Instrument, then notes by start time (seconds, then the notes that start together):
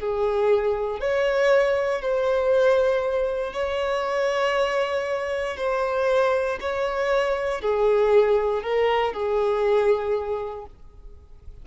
violin
0.00 G#4
1.00 C#5
2.02 C5
3.54 C#5
5.57 C5
6.61 C#5
7.61 G#4
8.63 A#4
9.13 G#4